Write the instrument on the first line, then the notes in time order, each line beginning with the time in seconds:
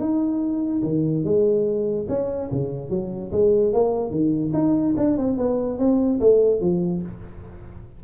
tuba
0.00 D#4
0.83 D#3
1.24 G#3
2.09 C#4
2.51 C#3
2.90 F#3
3.32 G#3
3.73 A#3
4.11 D#3
4.53 D#4
4.97 D4
5.18 C4
5.37 B3
5.79 C4
6.20 A3
6.61 F3